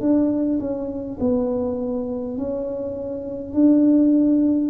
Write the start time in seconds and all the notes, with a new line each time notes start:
0.00 D4
0.59 C#4
1.20 B3
2.37 C#4
3.53 D4